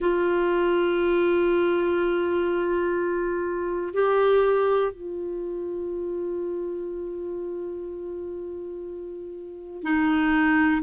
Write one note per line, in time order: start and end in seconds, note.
0.00 3.93 F4
3.93 4.92 G4
4.92 9.83 F4
9.83 10.82 D#4